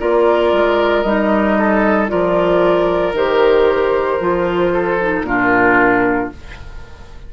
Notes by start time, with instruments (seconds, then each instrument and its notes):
0.00 bassoon A#3, clarinet F4, oboe A#4, flute D5
0.53 bassoon G#3
1.02 bassoon G3, clarinet D#4, flute D#5
1.59 oboe A4
2.08 bassoon F3, clarinet F4, oboe A#4, flute D5
3.13 bassoon D#3, clarinet G4, flute C5
4.21 bassoon F3, clarinet F4
4.73 oboe A4
5.01 clarinet D#4
5.23 bassoon A#2, clarinet D4, oboe F4, flute A#4